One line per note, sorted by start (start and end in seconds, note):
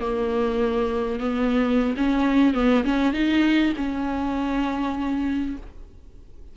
0.00 1.19 A#3
1.19 1.94 B3
1.96 2.54 C#4
2.54 2.84 B3
2.84 3.13 C#4
3.13 3.73 D#4
3.76 5.56 C#4